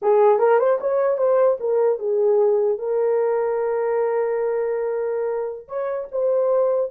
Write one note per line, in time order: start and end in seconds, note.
0.02 0.39 G#4
0.39 0.58 A#4
0.58 0.78 C5
0.80 1.17 C#5
1.17 1.57 C5
1.60 1.99 A#4
1.99 2.78 G#4
2.78 5.68 A#4
5.68 6.08 C#5
6.11 6.91 C5